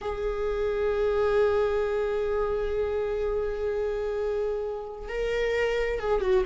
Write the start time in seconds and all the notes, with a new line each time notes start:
0.01 G#4
5.08 A#4
5.99 G#4
6.21 F#4